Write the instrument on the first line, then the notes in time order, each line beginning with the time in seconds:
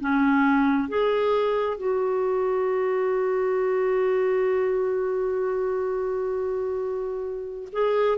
clarinet
0.00 C#4
0.88 G#4
1.77 F#4
7.72 G#4